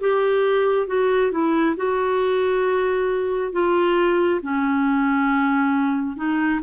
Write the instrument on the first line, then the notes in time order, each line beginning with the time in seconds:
clarinet
0.00 G4
0.87 F#4
1.32 E4
1.76 F#4
3.53 F4
4.42 C#4
6.16 D#4